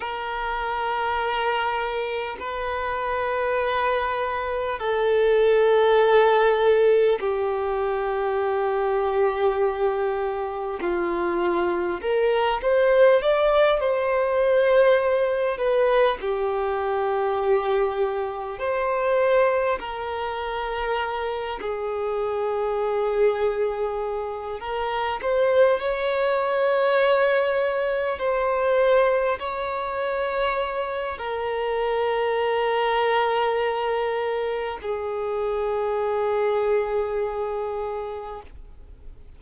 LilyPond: \new Staff \with { instrumentName = "violin" } { \time 4/4 \tempo 4 = 50 ais'2 b'2 | a'2 g'2~ | g'4 f'4 ais'8 c''8 d''8 c''8~ | c''4 b'8 g'2 c''8~ |
c''8 ais'4. gis'2~ | gis'8 ais'8 c''8 cis''2 c''8~ | c''8 cis''4. ais'2~ | ais'4 gis'2. | }